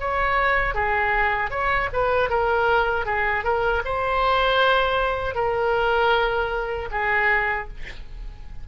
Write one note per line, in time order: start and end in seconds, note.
0.00 0.74 C#5
0.74 1.50 G#4
1.50 1.89 C#5
1.93 2.30 B4
2.30 3.06 A#4
3.06 3.44 G#4
3.44 3.83 A#4
3.85 5.35 C5
5.35 6.89 A#4
6.91 7.68 G#4